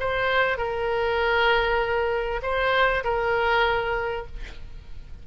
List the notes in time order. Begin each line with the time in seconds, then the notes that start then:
0.00 C5
0.58 A#4
2.42 C5
3.04 A#4